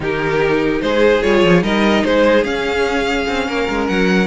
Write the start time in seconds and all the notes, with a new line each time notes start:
0.00 D#3 D#4 G4 A#4
0.81 G#3 G#4 C5
1.22 G3 F4 C#5
1.43 F3
1.62 G3 D#4 A#4 D#5
2.04 G#3 G#4 C5
2.44 C#4 F5
3.27 C4
3.48 A#3 A#4
3.68 G#3
3.88 F#3 F#5